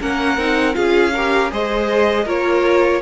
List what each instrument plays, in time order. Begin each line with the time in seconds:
0.00 cello A#3, viola C#4, violin A#4 F#5
0.37 cello C4, viola D#4
0.74 cello C#4, viola F4, violin G#4 F5
1.14 viola G4, violin A#4
1.51 cello G#3, viola G#4, violin C5 D#5
2.24 cello A#3, viola F4, violin A#4 C#5